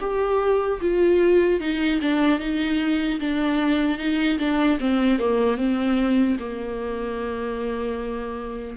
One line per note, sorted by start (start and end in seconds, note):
0.00 0.80 G4
0.81 1.60 F4
1.60 2.00 D#4
2.01 2.39 D4
2.39 3.19 D#4
3.20 3.98 D4
3.98 4.38 D#4
4.39 4.79 D4
4.80 5.19 C4
5.19 5.57 A#3
5.57 6.37 C4
6.39 8.77 A#3